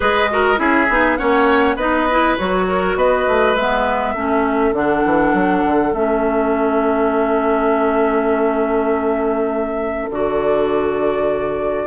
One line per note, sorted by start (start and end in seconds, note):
0.00 0.58 G#3
0.00 0.28 G#4
0.00 0.29 B4
0.00 0.59 D#5
0.30 0.56 F#4
0.30 0.60 A#4
0.56 0.88 C#4
0.56 0.86 E4
0.56 1.18 G#4
0.56 1.16 E5
0.88 1.18 B3
0.88 1.17 D#4
1.16 1.75 A#3
1.16 1.77 C#4
1.16 1.76 C#5
1.16 1.76 F#5
1.75 2.35 B3
1.75 2.08 D#4
1.75 2.65 B4
1.75 2.36 D#5
2.10 2.38 E4
2.37 2.95 F#3
2.37 3.57 F#4
2.37 2.96 C#5
2.68 2.97 A#4
2.95 3.25 B3
2.95 4.14 B4
2.95 3.55 D#5
3.27 3.55 A3
3.55 4.14 G#3
3.55 4.15 B3
3.55 4.74 E5
4.14 4.72 A3
4.14 4.74 C#4
4.14 11.86 A4
4.72 5.02 D3
4.72 5.93 D4
4.72 5.93 F#5
5.04 5.33 E3
5.33 5.63 F#3
5.65 5.93 D3
5.93 10.08 A3
5.93 10.10 C#4
5.93 10.09 E5
10.09 11.87 D3
10.09 11.87 F#4
10.09 11.87 D5